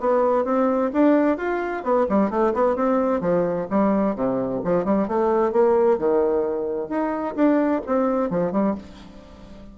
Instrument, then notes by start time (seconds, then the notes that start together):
bassoon
0.00 B3
0.44 C4
0.93 D4
1.37 F4
1.83 B3
2.09 G3
2.30 A3
2.54 B3
2.75 C4
3.20 F3
3.70 G3
4.15 C3
4.64 F3
4.84 G3
5.08 A3
5.52 A#3
5.98 D#3
6.89 D#4
7.35 D4
7.86 C4
8.30 F3
8.52 G3